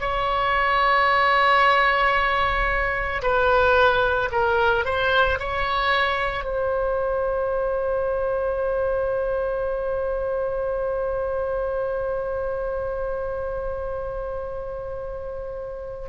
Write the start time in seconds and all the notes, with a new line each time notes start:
0.00 C#5
3.22 B4
4.31 A#4
4.85 C5
5.39 C#5
6.44 C5